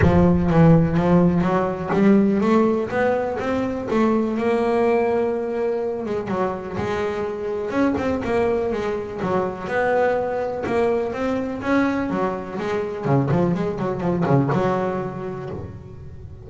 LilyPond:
\new Staff \with { instrumentName = "double bass" } { \time 4/4 \tempo 4 = 124 f4 e4 f4 fis4 | g4 a4 b4 c'4 | a4 ais2.~ | ais8 gis8 fis4 gis2 |
cis'8 c'8 ais4 gis4 fis4 | b2 ais4 c'4 | cis'4 fis4 gis4 cis8 f8 | gis8 fis8 f8 cis8 fis2 | }